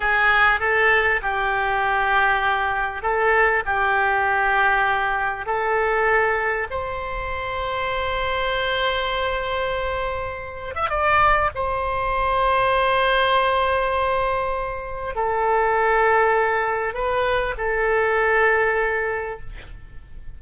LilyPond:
\new Staff \with { instrumentName = "oboe" } { \time 4/4 \tempo 4 = 99 gis'4 a'4 g'2~ | g'4 a'4 g'2~ | g'4 a'2 c''4~ | c''1~ |
c''4.~ c''16 e''16 d''4 c''4~ | c''1~ | c''4 a'2. | b'4 a'2. | }